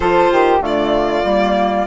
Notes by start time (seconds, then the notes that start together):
0.00 F3 F4 A4 C5
0.32 D#3 G4
0.60 D3 A3 F4 D5
1.24 G3 A#3